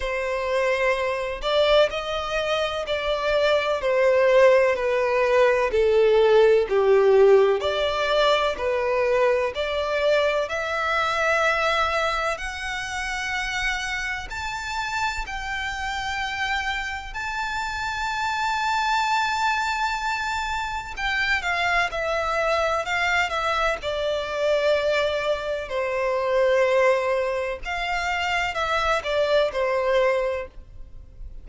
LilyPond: \new Staff \with { instrumentName = "violin" } { \time 4/4 \tempo 4 = 63 c''4. d''8 dis''4 d''4 | c''4 b'4 a'4 g'4 | d''4 b'4 d''4 e''4~ | e''4 fis''2 a''4 |
g''2 a''2~ | a''2 g''8 f''8 e''4 | f''8 e''8 d''2 c''4~ | c''4 f''4 e''8 d''8 c''4 | }